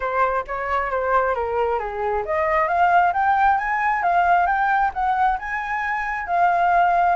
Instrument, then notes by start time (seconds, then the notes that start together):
flute
0.00 C5
0.47 C#5
0.90 C5
1.35 A#4
1.79 G#4
2.25 D#5
2.68 F5
3.13 G5
3.58 G#5
4.02 F5
4.46 G5
4.93 F#5
5.38 G#5
6.27 F5